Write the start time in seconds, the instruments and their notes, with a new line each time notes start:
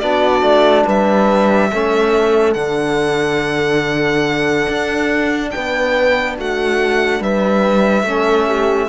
0.00 cello B3, trombone D4, horn F#4, violin D5
0.43 cello A3
0.85 cello G3, horn B4, violin E5
1.73 cello A3, trombone C#4, horn A4
2.54 cello D3, trombone D4, violin F#5
4.69 cello D4
5.52 cello B3, horn B4, violin G5
6.38 cello A3, horn F#4, violin F#5
7.20 cello G3, horn B4, violin E5
8.03 cello A3, trombone C#4, horn A4
8.47 horn G4